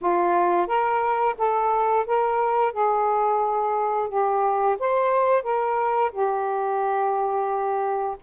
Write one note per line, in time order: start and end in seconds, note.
0.01 0.67 F4
0.67 1.35 A#4
1.38 2.06 A4
2.06 2.72 A#4
2.72 4.08 G#4
4.08 4.77 G4
4.79 5.42 C5
5.42 6.11 A#4
6.11 8.16 G4